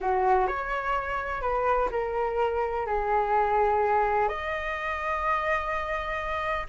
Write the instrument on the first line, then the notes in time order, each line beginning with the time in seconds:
flute
0.01 F#4
0.47 C#5
1.41 B4
1.91 A#4
2.86 G#4
4.28 D#5